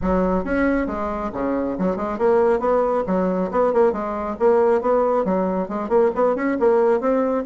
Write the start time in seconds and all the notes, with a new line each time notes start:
0.01 F#3
0.44 C#4
0.86 G#3
1.33 C#3
1.78 F#3
1.96 G#3
2.18 A#3
2.59 B3
3.07 F#3
3.51 B3
3.73 A#3
3.92 G#3
4.39 A#3
4.81 B3
5.24 F#3
5.68 G#3
5.89 A#3
6.15 B3
6.35 C#4
6.59 A#3
7.00 C4